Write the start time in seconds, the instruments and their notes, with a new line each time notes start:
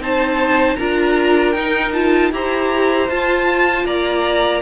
0.00 cello C4, viola D#4, violin C5 A5
0.76 cello D4, viola F4, violin A#4 A#5
1.52 viola D#4, cello D#4, violin G5
1.93 viola F4, violin A5
2.32 cello E4, viola G4, violin C5 A#5
3.10 cello F4, viola F4, violin A5
3.85 cello A#3, violin D5 A#5